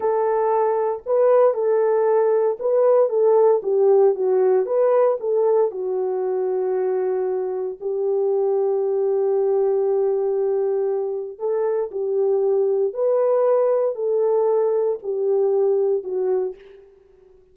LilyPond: \new Staff \with { instrumentName = "horn" } { \time 4/4 \tempo 4 = 116 a'2 b'4 a'4~ | a'4 b'4 a'4 g'4 | fis'4 b'4 a'4 fis'4~ | fis'2. g'4~ |
g'1~ | g'2 a'4 g'4~ | g'4 b'2 a'4~ | a'4 g'2 fis'4 | }